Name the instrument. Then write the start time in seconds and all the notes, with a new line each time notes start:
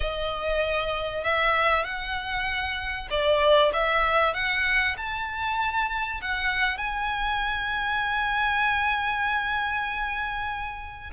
violin
0.00 D#5
1.24 E5
1.84 F#5
3.10 D5
3.73 E5
4.34 F#5
4.97 A5
6.21 F#5
6.77 G#5